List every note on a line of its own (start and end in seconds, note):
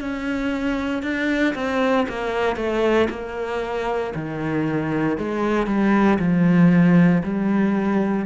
0.00 1.03 C#4
1.03 1.54 D4
1.55 2.06 C4
2.08 2.56 A#3
2.56 3.08 A3
3.10 4.13 A#3
4.15 5.18 D#3
5.18 5.66 G#3
5.66 6.18 G3
6.19 7.22 F3
7.23 8.25 G3